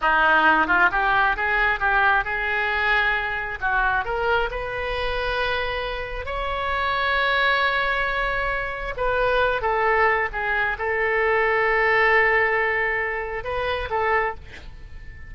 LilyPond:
\new Staff \with { instrumentName = "oboe" } { \time 4/4 \tempo 4 = 134 dis'4. f'8 g'4 gis'4 | g'4 gis'2. | fis'4 ais'4 b'2~ | b'2 cis''2~ |
cis''1 | b'4. a'4. gis'4 | a'1~ | a'2 b'4 a'4 | }